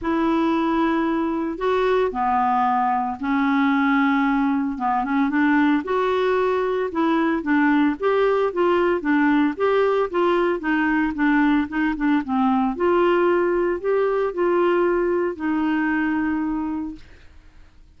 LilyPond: \new Staff \with { instrumentName = "clarinet" } { \time 4/4 \tempo 4 = 113 e'2. fis'4 | b2 cis'2~ | cis'4 b8 cis'8 d'4 fis'4~ | fis'4 e'4 d'4 g'4 |
f'4 d'4 g'4 f'4 | dis'4 d'4 dis'8 d'8 c'4 | f'2 g'4 f'4~ | f'4 dis'2. | }